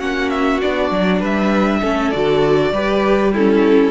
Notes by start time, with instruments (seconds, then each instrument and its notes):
0.00 cello A#3, viola C#4, violin F#4 F#5
0.30 violin E5
0.61 cello B3, viola D4, violin D5
0.91 cello F#3
1.19 cello G3, violin B4 E5
1.81 cello A3, viola C#4, violin A4
2.11 cello D3, viola F#4, violin D5
2.72 cello G3, viola G4, violin B4
3.33 viola C#4, violin E4 A4